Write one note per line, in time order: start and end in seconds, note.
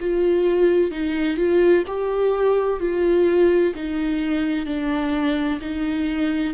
0.00 0.91 F4
0.91 1.37 D#4
1.37 1.84 F4
1.87 2.80 G4
2.80 3.73 F4
3.75 4.66 D#4
4.66 5.60 D4
5.61 6.53 D#4